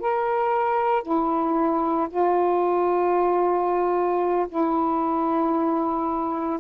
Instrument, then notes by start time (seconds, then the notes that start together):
saxophone
0.00 A#4
1.03 E4
2.10 F4
4.49 E4